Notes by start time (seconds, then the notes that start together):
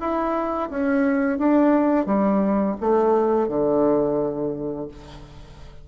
0.00 E4
0.70 C#4
1.39 D4
2.06 G3
2.81 A3
3.49 D3